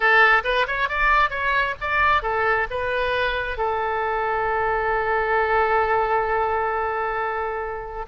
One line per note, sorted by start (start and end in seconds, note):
0.00 0.42 A4
0.44 0.66 B4
0.67 0.88 C#5
0.88 1.30 D5
1.30 1.74 C#5
1.81 2.22 D5
2.22 2.67 A4
2.70 3.57 B4
3.57 8.05 A4